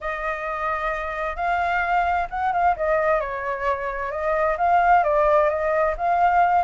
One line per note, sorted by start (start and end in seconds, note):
0.01 1.36 D#5
1.36 2.27 F5
2.29 2.52 F#5
2.52 2.75 F5
2.76 3.20 D#5
3.20 4.11 C#5
4.11 4.57 D#5
4.57 5.03 F5
5.03 5.49 D5
5.49 5.95 D#5
5.97 6.64 F5